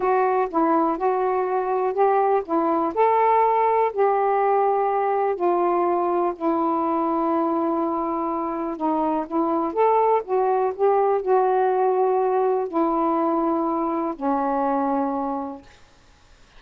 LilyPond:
\new Staff \with { instrumentName = "saxophone" } { \time 4/4 \tempo 4 = 123 fis'4 e'4 fis'2 | g'4 e'4 a'2 | g'2. f'4~ | f'4 e'2.~ |
e'2 dis'4 e'4 | a'4 fis'4 g'4 fis'4~ | fis'2 e'2~ | e'4 cis'2. | }